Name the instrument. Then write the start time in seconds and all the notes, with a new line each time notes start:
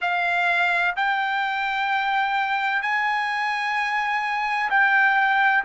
trumpet
0.01 F5
0.95 G5
2.82 G#5
4.70 G5